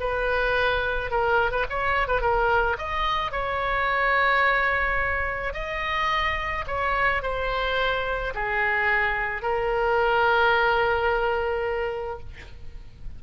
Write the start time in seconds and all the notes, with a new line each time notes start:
0.00 B4
1.11 A#4
1.51 B4
1.70 C#5
2.08 B4
2.21 A#4
2.78 D#5
3.32 C#5
5.54 D#5
6.67 C#5
7.22 C5
8.34 G#4
9.42 A#4